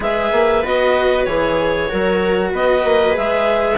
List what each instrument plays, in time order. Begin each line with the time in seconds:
0.00 bassoon G#3, cello G#4, viola B4, clarinet E5
0.32 bassoon A#3
0.63 bassoon B3, cello F#4, clarinet D#5
1.24 bassoon E3, cello G#4, clarinet C#5
1.88 bassoon F#3, cello F#4, viola A#4
2.52 bassoon B3, viola B4, clarinet D#5
2.84 bassoon A#3
3.12 bassoon G#3, cello G#4, clarinet E5